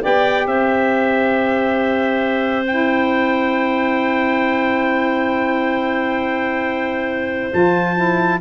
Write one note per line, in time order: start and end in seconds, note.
0.00 0.46 B3
0.00 2.65 G4
0.00 0.47 D5
0.00 0.47 G5
0.46 7.52 C4
0.46 8.40 C5
0.46 2.66 E5
2.66 7.51 E4
2.66 7.52 G5
7.51 8.40 F3
7.51 7.95 F4
7.51 8.40 A5
7.95 8.40 E4